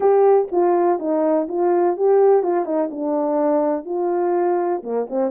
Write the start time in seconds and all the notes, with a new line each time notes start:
0.00 G4
0.51 F4
0.99 D#4
1.48 F4
1.96 G4
2.43 F4
2.65 D#4
2.90 D4
3.85 F4
4.83 A#3
5.09 C4